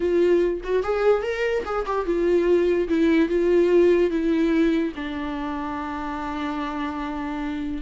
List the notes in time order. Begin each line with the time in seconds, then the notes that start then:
0.00 F4
0.63 F#4
0.83 G#4
1.22 A#4
1.65 G#4
1.85 G4
2.05 F4
2.88 E4
3.28 F4
4.10 E4
4.95 D4